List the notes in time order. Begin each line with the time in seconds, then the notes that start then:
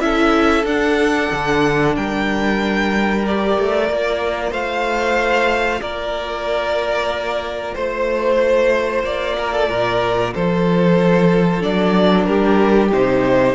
0.00 C#4 E4 A4 E5
0.63 D4 F#5
1.32 D3
1.96 G3 A#4 G5
3.25 G4 D5
3.58 A3
3.88 A#3 F4
4.51 A3 C5 F5
5.81 A#3 A#4 D5
7.74 A3 C5
9.03 A#3 D5
9.38 A#4
9.53 A4
9.69 A#2 A#4
10.34 F3 A4 C5
11.61 F#3 D4 D5
12.24 G3 G4 A#4
12.92 C3 D#4 C5